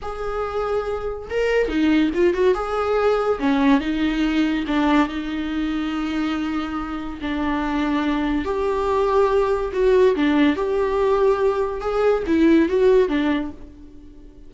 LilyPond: \new Staff \with { instrumentName = "viola" } { \time 4/4 \tempo 4 = 142 gis'2. ais'4 | dis'4 f'8 fis'8 gis'2 | cis'4 dis'2 d'4 | dis'1~ |
dis'4 d'2. | g'2. fis'4 | d'4 g'2. | gis'4 e'4 fis'4 d'4 | }